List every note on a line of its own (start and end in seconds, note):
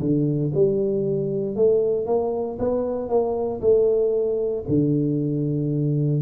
0.00 0.52 D3
0.54 1.56 G3
1.56 2.06 A3
2.06 2.58 A#3
2.59 3.09 B3
3.09 3.61 A#3
3.61 4.64 A3
4.68 6.22 D3